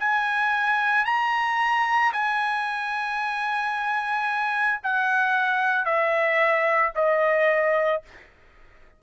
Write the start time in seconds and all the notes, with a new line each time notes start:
0.00 G#5
1.05 A#5
2.13 G#5
4.84 F#5
5.85 E5
6.95 D#5